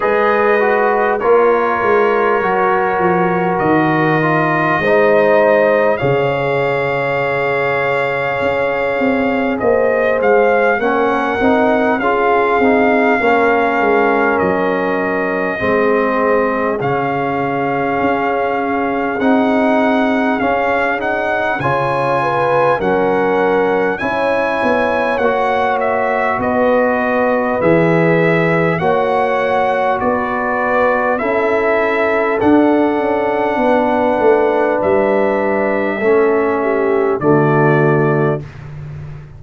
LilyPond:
<<
  \new Staff \with { instrumentName = "trumpet" } { \time 4/4 \tempo 4 = 50 dis''4 cis''2 dis''4~ | dis''4 f''2. | dis''8 f''8 fis''4 f''2 | dis''2 f''2 |
fis''4 f''8 fis''8 gis''4 fis''4 | gis''4 fis''8 e''8 dis''4 e''4 | fis''4 d''4 e''4 fis''4~ | fis''4 e''2 d''4 | }
  \new Staff \with { instrumentName = "horn" } { \time 4/4 b'4 ais'2. | c''4 cis''2. | c''4 ais'4 gis'4 ais'4~ | ais'4 gis'2.~ |
gis'2 cis''8 b'8 ais'4 | cis''2 b'2 | cis''4 b'4 a'2 | b'2 a'8 g'8 fis'4 | }
  \new Staff \with { instrumentName = "trombone" } { \time 4/4 gis'8 fis'8 f'4 fis'4. f'8 | dis'4 gis'2.~ | gis'4 cis'8 dis'8 f'8 dis'8 cis'4~ | cis'4 c'4 cis'2 |
dis'4 cis'8 dis'8 f'4 cis'4 | e'4 fis'2 gis'4 | fis'2 e'4 d'4~ | d'2 cis'4 a4 | }
  \new Staff \with { instrumentName = "tuba" } { \time 4/4 gis4 ais8 gis8 fis8 f8 dis4 | gis4 cis2 cis'8 c'8 | ais8 gis8 ais8 c'8 cis'8 c'8 ais8 gis8 | fis4 gis4 cis4 cis'4 |
c'4 cis'4 cis4 fis4 | cis'8 b8 ais4 b4 e4 | ais4 b4 cis'4 d'8 cis'8 | b8 a8 g4 a4 d4 | }
>>